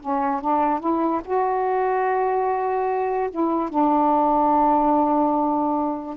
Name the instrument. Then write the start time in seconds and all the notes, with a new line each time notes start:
saxophone
0.00 C#4
0.41 D4
0.80 E4
1.24 F#4
3.30 E4
3.69 D4